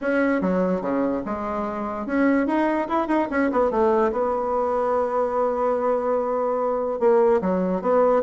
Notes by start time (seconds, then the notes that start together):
0.01 C#4
0.41 F#3
0.81 C#3
1.25 G#3
2.06 C#4
2.46 D#4
2.88 E4
3.07 D#4
3.30 C#4
3.51 B3
3.70 A3
4.12 B3
6.99 A#3
7.41 F#3
7.81 B3